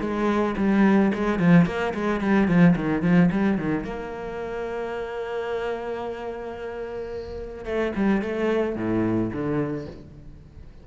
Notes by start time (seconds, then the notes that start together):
0.00 G#3
0.57 G3
1.14 G#3
1.39 F3
1.66 A#3
1.94 G#3
2.20 G3
2.47 F3
2.75 D#3
3.02 F3
3.31 G3
3.58 D#3
3.84 A#3
7.65 A3
7.96 G3
8.21 A3
8.75 A2
9.32 D3